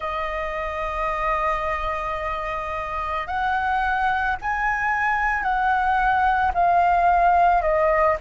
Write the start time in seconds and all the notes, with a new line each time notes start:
0.00 D#5
3.27 F#5
4.41 G#5
5.42 F#5
6.54 F5
7.62 D#5